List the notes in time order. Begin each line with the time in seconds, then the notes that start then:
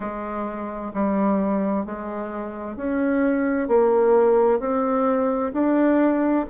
0.00 G#3
0.93 G3
1.85 G#3
2.76 C#4
3.68 A#3
4.59 C4
5.53 D4